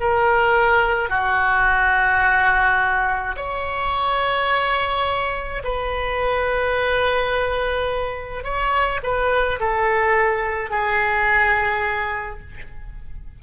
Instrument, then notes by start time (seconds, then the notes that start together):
oboe
0.00 A#4
1.10 F#4
3.37 C#5
5.64 B4
8.44 C#5
9.03 B4
9.60 A4
10.70 G#4